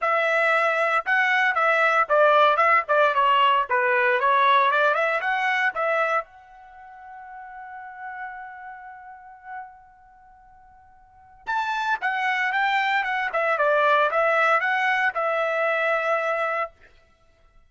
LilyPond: \new Staff \with { instrumentName = "trumpet" } { \time 4/4 \tempo 4 = 115 e''2 fis''4 e''4 | d''4 e''8 d''8 cis''4 b'4 | cis''4 d''8 e''8 fis''4 e''4 | fis''1~ |
fis''1~ | fis''2 a''4 fis''4 | g''4 fis''8 e''8 d''4 e''4 | fis''4 e''2. | }